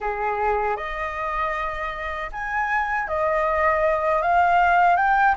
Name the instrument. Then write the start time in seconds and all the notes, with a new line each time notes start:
flute
0.00 G#4
0.76 D#5
2.31 G#5
3.07 D#5
4.21 F5
4.96 G5